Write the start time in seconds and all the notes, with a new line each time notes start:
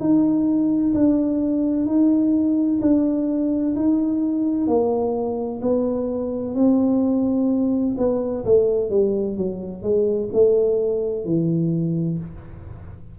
0.00 D#4
0.94 D4
1.87 D#4
2.82 D4
3.76 D#4
4.67 A#3
5.62 B3
6.55 C4
7.98 B3
8.45 A3
8.91 G3
9.37 F#3
9.83 G#3
10.33 A3
11.25 E3